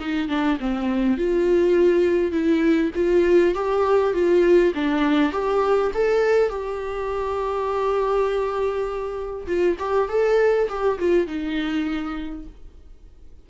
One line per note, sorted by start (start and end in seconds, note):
0.00 0.29 D#4
0.29 0.58 D4
0.60 1.17 C4
1.17 2.32 F4
2.32 2.91 E4
2.95 3.55 F4
3.55 4.14 G4
4.14 4.73 F4
4.75 5.32 D4
5.32 5.92 G4
5.94 6.49 A4
6.49 9.46 G4
9.47 9.77 F4
9.79 10.09 G4
10.09 10.68 A4
10.69 10.99 G4
10.99 11.27 F4
11.27 12.46 D#4